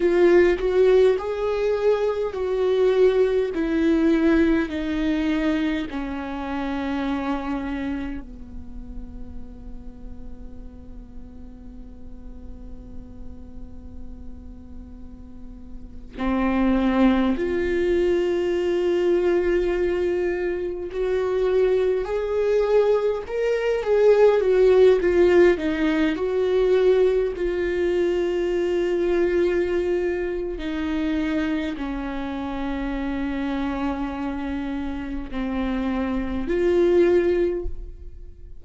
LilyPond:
\new Staff \with { instrumentName = "viola" } { \time 4/4 \tempo 4 = 51 f'8 fis'8 gis'4 fis'4 e'4 | dis'4 cis'2 b4~ | b1~ | b4.~ b16 c'4 f'4~ f'16~ |
f'4.~ f'16 fis'4 gis'4 ais'16~ | ais'16 gis'8 fis'8 f'8 dis'8 fis'4 f'8.~ | f'2 dis'4 cis'4~ | cis'2 c'4 f'4 | }